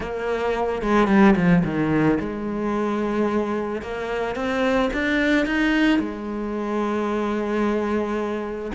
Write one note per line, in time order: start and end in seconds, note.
0.00 0.82 A#3
0.82 1.07 G#3
1.07 1.34 G3
1.36 1.63 F3
1.64 2.18 D#3
2.19 3.82 G#3
3.82 4.35 A#3
4.35 4.90 C4
4.93 5.45 D4
5.45 5.99 D#4
5.99 8.71 G#3